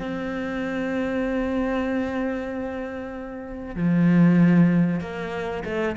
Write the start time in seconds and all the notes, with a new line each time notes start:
0.00 C4
3.76 F3
5.01 A#3
5.64 A3